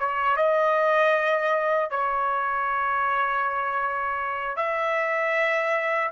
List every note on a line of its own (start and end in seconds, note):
0.00 0.37 C#5
0.37 1.91 D#5
1.91 4.57 C#5
4.57 6.10 E5